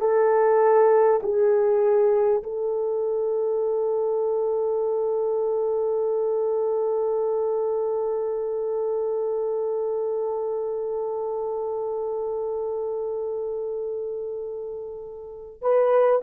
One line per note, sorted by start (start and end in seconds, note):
0.00 1.20 A4
1.22 2.42 G#4
2.43 15.62 A4
15.62 16.22 B4